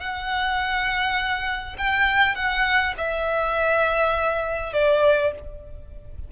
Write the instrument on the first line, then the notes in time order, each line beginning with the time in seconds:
violin
0.00 F#5
1.78 G5
2.36 F#5
2.98 E5
4.73 D5